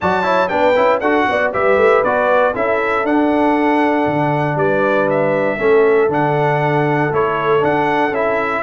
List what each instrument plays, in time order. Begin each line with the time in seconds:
0.00 tuba F#3, trombone F#4, horn D5, trumpet A5
0.22 trombone E4, horn C#5
0.48 tuba B3, trombone D4, horn B4, trumpet G5
0.76 tuba C#4, trombone E4
1.00 tuba D4, trombone F#4, horn A4, trumpet F#5
1.28 tuba B3, horn D5
1.53 tuba G3, trombone G4, horn B4, trumpet E5
1.77 tuba A3
2.03 tuba B3, trombone F#4, trumpet D5
2.52 tuba C#4, trombone E4, horn A4, trumpet E5
3.03 tuba D4, trombone D4, trumpet F#5
4.07 tuba D3
4.55 tuba G3, horn B4, trumpet D5
5.10 trumpet E5
5.57 tuba A3, trombone C#4, horn A4
6.08 tuba D3, trombone D4, trumpet F#5
7.11 tuba A3, trombone E4, trumpet C#5
7.60 trombone D4, tuba D4, trumpet F#5
8.11 tuba C#4, trombone E4, trumpet E5